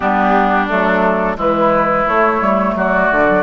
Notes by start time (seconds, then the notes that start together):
0.00 G3 B3 D4 G4
0.68 F#3 A3 A4
1.36 E3 G#3 E4 B4
2.06 A3 C#5
2.41 G3
2.75 F#3 F#4 D5
3.10 D3
3.27 F#3